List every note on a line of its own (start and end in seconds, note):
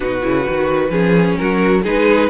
0.00 0.23 B2
0.00 0.21 D#4
0.00 0.91 F#4
0.00 1.36 B4
0.22 0.46 C#3
0.22 0.43 E4
0.43 0.90 D#3
0.43 0.89 F#4
0.90 1.36 F3
0.90 1.82 C#4
0.90 1.36 G#4
1.36 1.85 F#3
1.36 1.83 F#4
1.36 1.82 A#4
1.83 2.29 G#3
1.83 2.29 D#4
1.83 2.28 G#4
1.83 2.29 B4